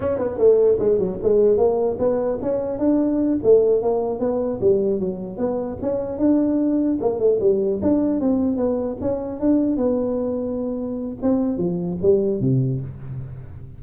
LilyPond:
\new Staff \with { instrumentName = "tuba" } { \time 4/4 \tempo 4 = 150 cis'8 b8 a4 gis8 fis8 gis4 | ais4 b4 cis'4 d'4~ | d'8 a4 ais4 b4 g8~ | g8 fis4 b4 cis'4 d'8~ |
d'4. ais8 a8 g4 d'8~ | d'8 c'4 b4 cis'4 d'8~ | d'8 b2.~ b8 | c'4 f4 g4 c4 | }